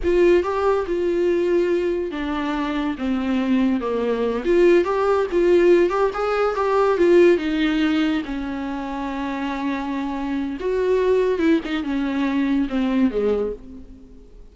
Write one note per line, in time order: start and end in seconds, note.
0.03 0.43 F4
0.43 0.85 G4
0.86 2.11 F4
2.11 2.95 D4
2.98 3.80 C4
3.80 4.43 A#3
4.44 4.84 F4
4.84 5.26 G4
5.31 5.89 F4
5.89 6.11 G4
6.13 6.55 G#4
6.55 6.97 G4
6.97 7.37 F4
7.37 8.22 D#4
8.25 10.57 C#4
10.60 11.39 F#4
11.39 11.60 E4
11.64 11.83 D#4
11.83 12.68 C#4
12.69 13.10 C4
13.10 13.52 G#3